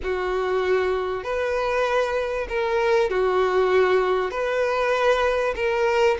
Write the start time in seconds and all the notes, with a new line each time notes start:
0.03 F#4
1.23 B4
2.48 A#4
3.10 F#4
4.30 B4
5.55 A#4